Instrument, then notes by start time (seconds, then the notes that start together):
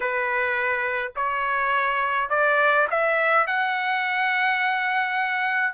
trumpet
0.00 B4
1.16 C#5
2.29 D5
2.90 E5
3.46 F#5